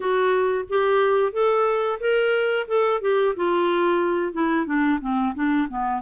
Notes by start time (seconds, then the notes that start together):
0.00 F#4
0.69 G4
1.32 A4
2.00 A#4
2.67 A4
3.01 G4
3.35 F4
4.32 E4
4.65 D4
5.00 C4
5.34 D4
5.68 B3